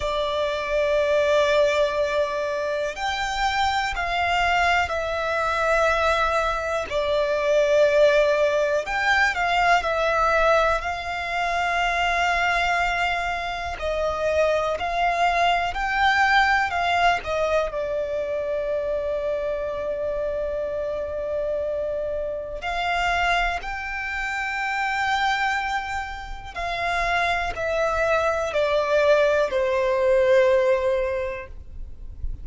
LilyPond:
\new Staff \with { instrumentName = "violin" } { \time 4/4 \tempo 4 = 61 d''2. g''4 | f''4 e''2 d''4~ | d''4 g''8 f''8 e''4 f''4~ | f''2 dis''4 f''4 |
g''4 f''8 dis''8 d''2~ | d''2. f''4 | g''2. f''4 | e''4 d''4 c''2 | }